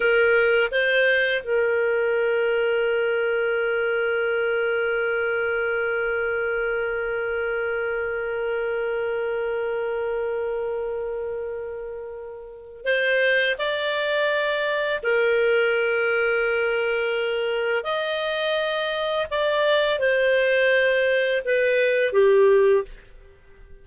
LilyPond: \new Staff \with { instrumentName = "clarinet" } { \time 4/4 \tempo 4 = 84 ais'4 c''4 ais'2~ | ais'1~ | ais'1~ | ais'1~ |
ais'2 c''4 d''4~ | d''4 ais'2.~ | ais'4 dis''2 d''4 | c''2 b'4 g'4 | }